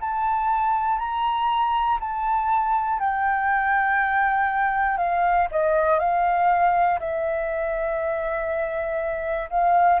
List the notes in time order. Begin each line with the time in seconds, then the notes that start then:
0.00 A5
0.99 A#5
2.00 A5
2.99 G5
4.97 F5
5.50 D#5
5.99 F5
7.00 E5
9.50 F5